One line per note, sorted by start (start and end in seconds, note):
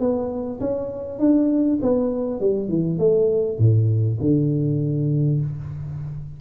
0.00 0.60 B3
0.61 1.19 C#4
1.19 1.79 D4
1.82 2.41 B3
2.41 2.69 G3
2.69 2.99 E3
2.99 3.58 A3
3.58 4.18 A2
4.21 5.41 D3